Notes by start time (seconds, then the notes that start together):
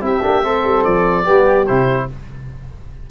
0.00 C4 E4 G4 E5
0.22 A#3 D4
0.43 A3 C4 A4
0.64 G3
0.84 F3 D5
1.24 G3 B3 G4
1.66 C3 E4 C5